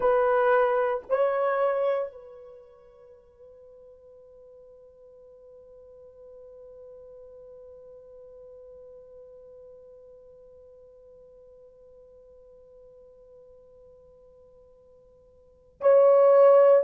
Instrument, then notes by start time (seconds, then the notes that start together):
horn
0.00 B4
1.09 C#5
2.11 B4
15.80 C#5